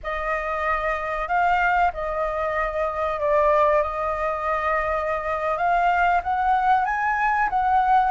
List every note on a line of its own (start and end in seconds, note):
0.03 1.28 D#5
1.28 1.91 F5
1.93 3.20 D#5
3.20 3.82 D5
3.82 5.57 D#5
5.57 6.21 F5
6.23 6.85 F#5
6.85 7.49 G#5
7.49 8.11 F#5